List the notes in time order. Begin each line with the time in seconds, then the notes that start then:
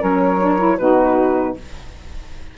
0.00 F#3 C#4 A#4 C#5
0.41 D4
0.59 E4
0.78 B2 D#4 F#4 B4